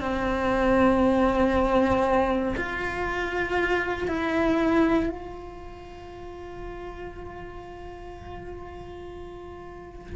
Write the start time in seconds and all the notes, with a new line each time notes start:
0.00 C4
2.57 F4
4.08 E4
5.09 F4